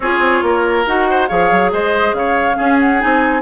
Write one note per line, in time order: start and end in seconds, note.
0.00 0.19 C#4
0.00 0.86 F4
0.00 0.44 G#4
0.00 0.85 C#5
0.19 0.40 C4
0.42 0.85 A#3
0.42 1.09 A#4
0.86 1.29 D#4
0.86 1.28 F#4
0.86 1.27 F#5
1.09 1.28 C5
1.27 1.51 F3
1.27 2.55 G#4
1.27 1.71 C#5
1.27 1.70 F5
1.51 1.72 F#3
1.72 2.13 G#3
1.72 2.15 C5
1.72 2.14 D#5
2.13 2.55 C#3
2.13 2.57 C#5
2.13 2.78 F5
2.55 2.98 C#4
2.55 3.02 C#4
2.55 3.41 G#4
2.79 3.01 F#5
2.99 3.41 C4
2.99 3.41 D#4
2.99 3.41 G#5